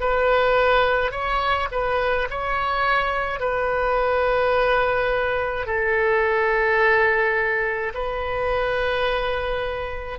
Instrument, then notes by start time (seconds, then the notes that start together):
oboe
0.00 B4
1.11 C#5
1.71 B4
2.30 C#5
3.40 B4
5.67 A4
7.94 B4